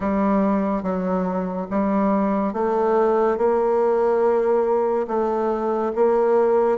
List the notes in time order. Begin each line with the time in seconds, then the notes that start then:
0.00 G3
0.82 F#3
1.70 G3
2.53 A3
3.37 A#3
5.07 A3
5.95 A#3